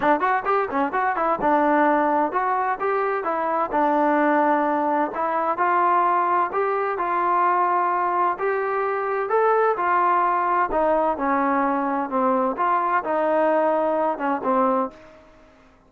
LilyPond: \new Staff \with { instrumentName = "trombone" } { \time 4/4 \tempo 4 = 129 d'8 fis'8 g'8 cis'8 fis'8 e'8 d'4~ | d'4 fis'4 g'4 e'4 | d'2. e'4 | f'2 g'4 f'4~ |
f'2 g'2 | a'4 f'2 dis'4 | cis'2 c'4 f'4 | dis'2~ dis'8 cis'8 c'4 | }